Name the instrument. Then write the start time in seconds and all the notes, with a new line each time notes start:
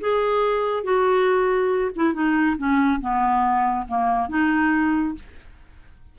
clarinet
0.00 G#4
0.83 F#4
1.95 E4
2.13 D#4
2.57 C#4
3.00 B3
3.87 A#3
4.29 D#4